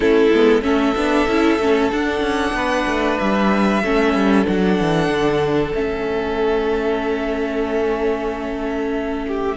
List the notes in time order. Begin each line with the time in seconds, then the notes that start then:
0.00 A3 C#4 E4 A4
0.31 G#3 B3
0.61 A3 C#4 A4 E5
0.96 B3 D4
1.27 C#4 E4
1.59 A3 C#4
1.91 D4 F#5
2.20 C#4
2.52 B3 B4
2.87 A3
3.18 G3 E5
3.82 A3 C#4 A4
4.14 G3
4.45 F#3 D4 F#5
4.80 E3
5.08 D3
5.74 A3 C#4 E5
9.27 G4